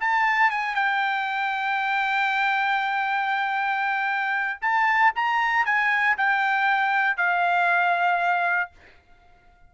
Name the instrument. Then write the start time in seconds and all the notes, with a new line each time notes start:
trumpet
0.00 A5
0.50 G#5
0.75 G5
4.61 A5
5.15 A#5
5.65 G#5
6.17 G5
7.17 F5